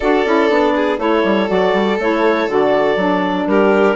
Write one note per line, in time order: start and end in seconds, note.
0.00 0.25 D4
0.00 0.25 F#4
0.00 0.73 A4
0.00 0.99 D5
0.25 0.49 C#4
0.25 0.50 E4
0.49 0.98 B3
0.49 0.98 D4
0.75 0.99 G#4
0.98 1.23 A3
0.98 1.47 E4
0.98 3.47 A4
0.98 1.49 C#5
1.24 1.49 G3
1.47 1.73 F#3
1.47 1.96 F#4
1.47 1.99 D5
1.73 1.98 G3
1.98 2.47 A3
1.98 2.49 E4
1.98 2.49 C#5
2.48 2.96 D3
2.48 2.98 F#4
2.48 3.47 D5
2.96 3.45 F#3
2.96 3.96 D4
3.47 3.96 G3
3.47 3.96 G4
3.47 3.96 A#4